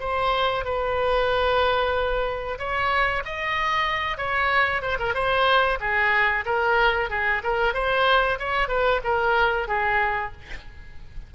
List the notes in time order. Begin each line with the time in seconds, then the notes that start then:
0.00 C5
0.65 B4
2.59 C#5
3.25 D#5
4.18 C#5
4.82 C5
4.99 A#4
5.14 C5
5.80 G#4
6.45 A#4
7.10 G#4
7.43 A#4
7.74 C5
8.39 C#5
8.68 B4
9.04 A#4
9.68 G#4